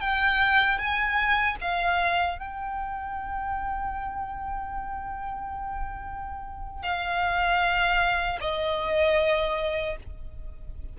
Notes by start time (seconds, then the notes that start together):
0.00 G5
0.78 G#5
1.61 F5
2.38 G5
6.83 F5
8.40 D#5